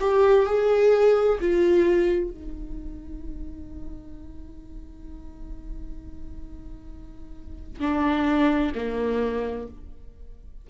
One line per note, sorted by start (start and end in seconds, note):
0.00 0.46 G4
0.46 1.38 G#4
1.41 2.31 F4
2.31 7.80 D#4
7.80 8.73 D4
8.75 9.67 A#3